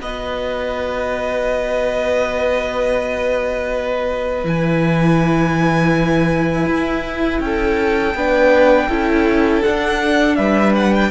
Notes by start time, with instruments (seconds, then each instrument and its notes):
0.00 cello B3, viola F#4, violin B4 D#5
4.44 cello E3, viola E4, violin G#5
6.66 cello E4
7.40 cello C#4, violin A4 G5
8.14 cello B3, viola D4, violin B4
8.88 cello C#4, viola E4, violin A4
9.62 viola D4, cello D4, violin F#5
10.35 cello G3, violin B4 E5
10.75 violin F#5
10.93 violin G5